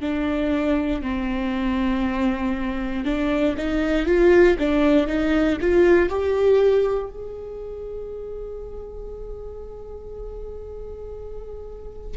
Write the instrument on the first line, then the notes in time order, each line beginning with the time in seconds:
viola
0.00 D4
1.02 C4
3.05 D4
3.57 D#4
4.05 F4
4.58 D4
5.07 D#4
5.60 F4
6.09 G4
7.10 G#4